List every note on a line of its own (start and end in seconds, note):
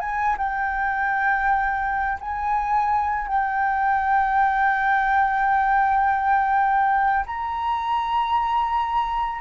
0.00 0.36 G#5
0.38 2.19 G5
2.21 3.28 G#5
3.28 7.26 G5
7.26 9.41 A#5